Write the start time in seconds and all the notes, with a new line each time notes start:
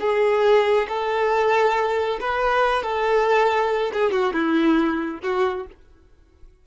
0.00 G#4
0.88 A4
2.20 B4
2.83 A4
3.93 G#4
4.11 F#4
4.33 E4
5.23 F#4